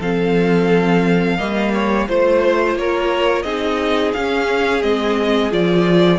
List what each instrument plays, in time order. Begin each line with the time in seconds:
0.00 cello F3, viola C4, violin A4 F5
1.37 cello G3, viola A#3, violin D#5
1.74 violin C#5
2.08 cello A3, viola F4, violin C5
2.75 cello A#3, violin A#4 C#5
3.43 cello C4, viola D#4, violin G#4 D#5
4.13 cello C#4, viola C#4, violin F5
4.81 cello G#3, viola C4, violin D#5
5.51 cello F3, viola F4, violin D5